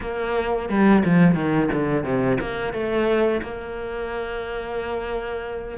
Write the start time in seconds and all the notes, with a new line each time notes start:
0.00 A#3
0.69 G3
1.04 F3
1.35 D#3
1.72 D3
2.03 C3
2.40 A#3
2.73 A3
3.42 A#3